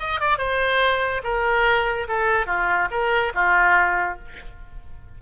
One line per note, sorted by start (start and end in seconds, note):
0.00 0.21 D#5
0.21 0.39 D5
0.39 1.22 C5
1.24 2.08 A#4
2.08 2.47 A4
2.47 2.89 F4
2.91 3.33 A#4
3.35 4.19 F4